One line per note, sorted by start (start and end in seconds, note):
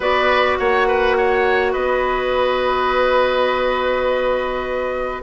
0.00 0.58 B3
0.00 5.22 F#4
0.00 0.58 B4
0.00 0.57 D5
0.57 1.74 A#3
0.57 0.87 C#5
0.57 1.72 F#5
0.87 1.16 B4
1.17 1.72 C#5
1.72 5.22 B3
1.72 5.21 B4
1.72 5.22 D#5